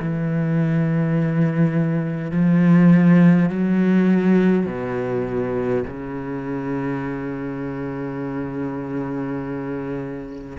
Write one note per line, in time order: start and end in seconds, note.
0.00 2.32 E3
2.32 3.49 F3
3.49 4.66 F#3
4.66 5.84 B2
5.87 10.58 C#3